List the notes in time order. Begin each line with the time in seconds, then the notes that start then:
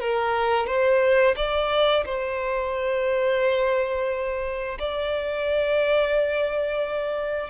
0.00 A#4
0.66 C5
1.36 D5
2.05 C5
4.79 D5